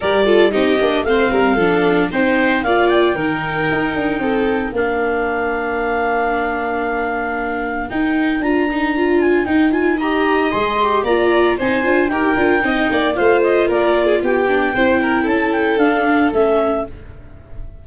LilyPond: <<
  \new Staff \with { instrumentName = "clarinet" } { \time 4/4 \tempo 4 = 114 d''4 dis''4 f''2 | g''4 f''8 g''2~ g''8~ | g''4 f''2.~ | f''2. g''4 |
ais''4. gis''8 g''8 gis''8 ais''4 | c'''4 ais''4 gis''4 g''4~ | g''4 f''8 dis''8 d''4 g''4~ | g''4 a''8 g''8 f''4 e''4 | }
  \new Staff \with { instrumentName = "violin" } { \time 4/4 ais'8 a'8 g'4 c''8 ais'8 a'4 | c''4 d''4 ais'2 | a'4 ais'2.~ | ais'1~ |
ais'2. dis''4~ | dis''4 d''4 c''4 ais'4 | dis''8 d''8 c''4 ais'8. gis'16 g'4 | c''8 ais'8 a'2. | }
  \new Staff \with { instrumentName = "viola" } { \time 4/4 g'8 f'8 dis'8 d'8 c'4 d'4 | dis'4 f'4 dis'2~ | dis'4 d'2.~ | d'2. dis'4 |
f'8 dis'8 f'4 dis'8 f'8 g'4 | gis'8 g'8 f'4 dis'8 f'8 g'8 f'8 | dis'4 f'2~ f'8 d'8 | e'2 d'4 cis'4 | }
  \new Staff \with { instrumentName = "tuba" } { \time 4/4 g4 c'8 ais8 a8 g8 f4 | c'4 ais4 dis4 dis'8 d'8 | c'4 ais2.~ | ais2. dis'4 |
d'2 dis'2 | gis4 ais4 c'8 d'8 dis'8 d'8 | c'8 ais8 a4 ais4 b4 | c'4 cis'4 d'4 a4 | }
>>